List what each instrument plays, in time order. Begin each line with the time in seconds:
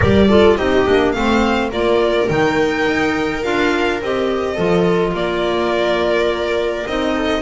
0.00 double bass G3, clarinet G4, viola A#4, violin D5
0.28 clarinet F4, viola A4
0.56 double bass C4, clarinet D#4, viola G4, violin D#5
0.86 double bass A#3, clarinet D4
1.12 double bass A3, clarinet C4, viola C5, violin F5
1.71 double bass A#3, clarinet F4, viola A#4, violin D5
2.28 double bass D#3, clarinet D#4, violin G5
2.86 double bass D#4
3.42 double bass D4, clarinet F4, violin F5
4.01 double bass C4, clarinet G4, violin D#5
4.55 double bass F3, clarinet F4, viola A4
5.13 double bass A#3, viola A#4, violin D5
6.86 double bass C4, clarinet D#4, violin D#5
7.15 viola A4